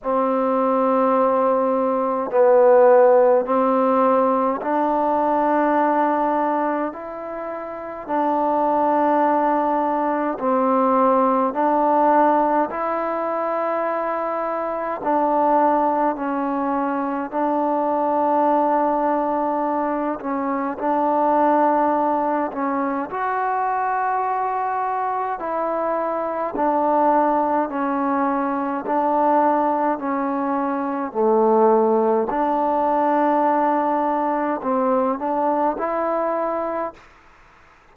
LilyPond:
\new Staff \with { instrumentName = "trombone" } { \time 4/4 \tempo 4 = 52 c'2 b4 c'4 | d'2 e'4 d'4~ | d'4 c'4 d'4 e'4~ | e'4 d'4 cis'4 d'4~ |
d'4. cis'8 d'4. cis'8 | fis'2 e'4 d'4 | cis'4 d'4 cis'4 a4 | d'2 c'8 d'8 e'4 | }